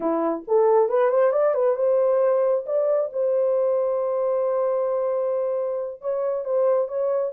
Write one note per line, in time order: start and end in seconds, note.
0.00 0.44 E4
0.47 0.88 A4
0.88 1.09 B4
1.09 1.32 C5
1.32 1.54 D5
1.54 1.76 B4
1.76 2.64 C5
2.65 3.10 D5
3.13 6.01 C5
6.01 6.44 C#5
6.44 6.87 C5
6.87 7.32 C#5